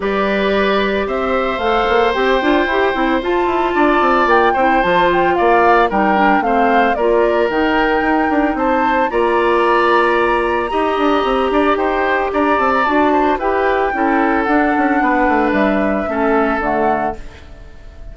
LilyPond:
<<
  \new Staff \with { instrumentName = "flute" } { \time 4/4 \tempo 4 = 112 d''2 e''4 f''4 | g''2 a''2 | g''4 a''8 g''8 f''4 g''4 | f''4 d''4 g''2 |
a''4 ais''2.~ | ais''2 g''4 ais''8 a''16 ais''16 | a''4 g''2 fis''4~ | fis''4 e''2 fis''4 | }
  \new Staff \with { instrumentName = "oboe" } { \time 4/4 b'2 c''2~ | c''2. d''4~ | d''8 c''4. d''4 ais'4 | c''4 ais'2. |
c''4 d''2. | dis''4. d''8 c''4 d''4~ | d''8 c''8 b'4 a'2 | b'2 a'2 | }
  \new Staff \with { instrumentName = "clarinet" } { \time 4/4 g'2. a'4 | g'8 f'8 g'8 e'8 f'2~ | f'8 e'8 f'2 dis'8 d'8 | c'4 f'4 dis'2~ |
dis'4 f'2. | g'1 | fis'4 g'4 e'4 d'4~ | d'2 cis'4 a4 | }
  \new Staff \with { instrumentName = "bassoon" } { \time 4/4 g2 c'4 a8 ais8 | c'8 d'8 e'8 c'8 f'8 e'8 d'8 c'8 | ais8 c'8 f4 ais4 g4 | a4 ais4 dis4 dis'8 d'8 |
c'4 ais2. | dis'8 d'8 c'8 d'8 dis'4 d'8 c'8 | d'4 e'4 cis'4 d'8 cis'8 | b8 a8 g4 a4 d4 | }
>>